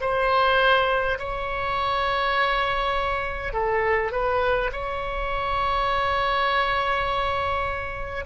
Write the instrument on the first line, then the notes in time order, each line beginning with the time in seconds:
oboe
0.00 C5
1.18 C#5
3.52 A4
4.11 B4
4.72 C#5